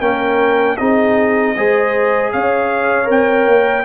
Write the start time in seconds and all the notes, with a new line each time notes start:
0.00 A#3 C#4 A#4 G5
0.77 C4 D#4 G#4 D#5
1.57 G#3 G#4 C5
2.32 C#4 C#5 F5
3.05 C4 A#4 G5
3.47 A#3